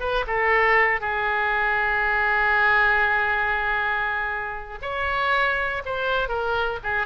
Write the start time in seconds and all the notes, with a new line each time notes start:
0.00 B4
0.27 A4
1.01 G#4
4.82 C#5
5.86 C5
6.29 A#4
6.84 G#4